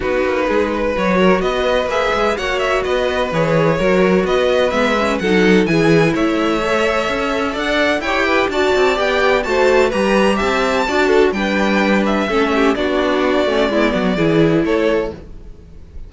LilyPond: <<
  \new Staff \with { instrumentName = "violin" } { \time 4/4 \tempo 4 = 127 b'2 cis''4 dis''4 | e''4 fis''8 e''8 dis''4 cis''4~ | cis''4 dis''4 e''4 fis''4 | gis''4 e''2. |
fis''4 g''4 a''4 g''4 | a''4 ais''4 a''2 | g''4. e''4. d''4~ | d''2. cis''4 | }
  \new Staff \with { instrumentName = "violin" } { \time 4/4 fis'4 gis'8 b'4 ais'8 b'4~ | b'4 cis''4 b'2 | ais'4 b'2 a'4 | gis'4 cis''2. |
d''4 cis''8 b'8 d''2 | c''4 b'4 e''4 d''8 a'8 | b'2 a'8 g'8 fis'4~ | fis'4 e'8 fis'8 gis'4 a'4 | }
  \new Staff \with { instrumentName = "viola" } { \time 4/4 dis'2 fis'2 | gis'4 fis'2 gis'4 | fis'2 b8 cis'8 dis'4 | e'2 a'2~ |
a'4 g'4 fis'4 g'4 | fis'4 g'2 fis'4 | d'2 cis'4 d'4~ | d'8 cis'8 b4 e'2 | }
  \new Staff \with { instrumentName = "cello" } { \time 4/4 b8 ais8 gis4 fis4 b4 | ais8 gis8 ais4 b4 e4 | fis4 b4 gis4 fis4 | e4 a2 cis'4 |
d'4 e'4 d'8 c'8 b4 | a4 g4 c'4 d'4 | g2 a4 b4~ | b8 a8 gis8 fis8 e4 a4 | }
>>